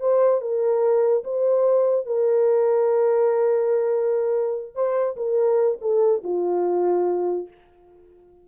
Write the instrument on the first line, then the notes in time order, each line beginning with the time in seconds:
horn
0.00 C5
0.41 A#4
1.24 C5
2.06 A#4
4.75 C5
5.16 A#4
5.81 A4
6.24 F4